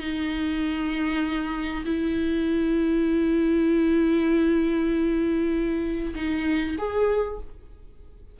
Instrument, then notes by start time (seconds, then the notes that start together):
viola
0.00 D#4
1.86 E4
6.15 D#4
6.78 G#4